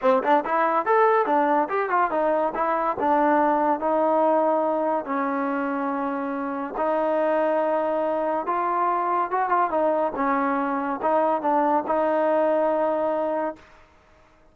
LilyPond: \new Staff \with { instrumentName = "trombone" } { \time 4/4 \tempo 4 = 142 c'8 d'8 e'4 a'4 d'4 | g'8 f'8 dis'4 e'4 d'4~ | d'4 dis'2. | cis'1 |
dis'1 | f'2 fis'8 f'8 dis'4 | cis'2 dis'4 d'4 | dis'1 | }